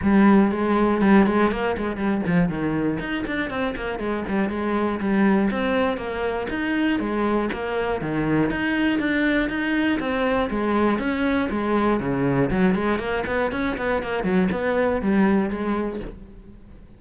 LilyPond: \new Staff \with { instrumentName = "cello" } { \time 4/4 \tempo 4 = 120 g4 gis4 g8 gis8 ais8 gis8 | g8 f8 dis4 dis'8 d'8 c'8 ais8 | gis8 g8 gis4 g4 c'4 | ais4 dis'4 gis4 ais4 |
dis4 dis'4 d'4 dis'4 | c'4 gis4 cis'4 gis4 | cis4 fis8 gis8 ais8 b8 cis'8 b8 | ais8 fis8 b4 g4 gis4 | }